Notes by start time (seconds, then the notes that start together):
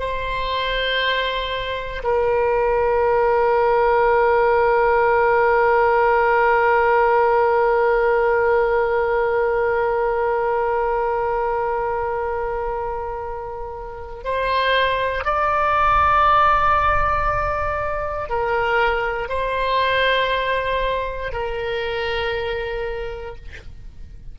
0.00 C5
2.04 A#4
14.24 C5
15.25 D5
18.30 A#4
19.29 C5
21.33 A#4